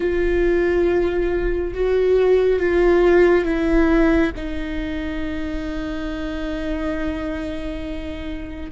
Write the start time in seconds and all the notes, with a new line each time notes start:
0.00 F4
1.74 F#4
2.59 F4
3.44 E4
4.36 D#4